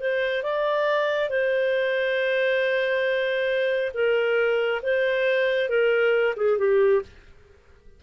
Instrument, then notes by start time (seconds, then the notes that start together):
clarinet
0.00 C5
0.43 D5
1.30 C5
3.94 A#4
4.83 C5
5.69 A#4
6.37 G#4
6.59 G4